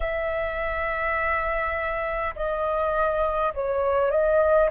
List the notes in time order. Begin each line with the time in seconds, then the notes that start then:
0.00 E5
2.35 D#5
3.53 C#5
4.11 D#5